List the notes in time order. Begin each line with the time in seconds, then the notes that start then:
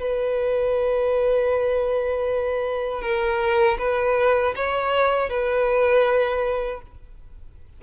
0.00 B4
3.02 A#4
3.79 B4
4.56 C#5
5.30 B4